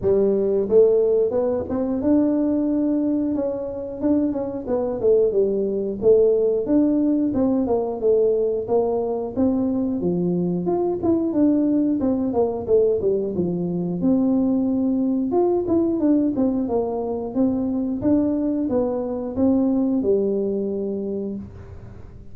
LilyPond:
\new Staff \with { instrumentName = "tuba" } { \time 4/4 \tempo 4 = 90 g4 a4 b8 c'8 d'4~ | d'4 cis'4 d'8 cis'8 b8 a8 | g4 a4 d'4 c'8 ais8 | a4 ais4 c'4 f4 |
f'8 e'8 d'4 c'8 ais8 a8 g8 | f4 c'2 f'8 e'8 | d'8 c'8 ais4 c'4 d'4 | b4 c'4 g2 | }